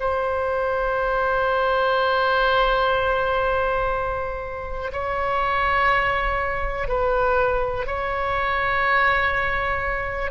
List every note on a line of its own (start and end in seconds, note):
0.00 4.92 C5
4.93 6.89 C#5
6.89 7.87 B4
7.87 10.31 C#5